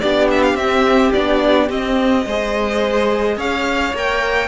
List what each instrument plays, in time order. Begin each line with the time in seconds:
0.00 cello B3, viola D4, violin G4 D5
0.31 violin E5
0.43 violin F5
0.54 cello C4, viola C4, violin E5
1.13 cello B3, viola D4, violin D5
1.69 viola C4, cello C4, violin D#5
2.26 cello G#3, viola G#4, violin C5
3.37 cello C#4, violin C#5 F5
3.94 cello A#3, viola A#4, violin G5